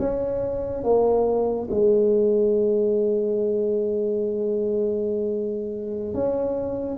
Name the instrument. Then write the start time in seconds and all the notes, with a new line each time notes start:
tuba
0.00 C#4
0.84 A#3
1.71 G#3
6.14 C#4